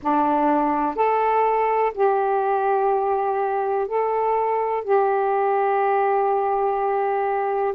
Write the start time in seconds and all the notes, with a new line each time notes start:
0.02 D4
0.95 A4
1.94 G4
3.87 A4
4.83 G4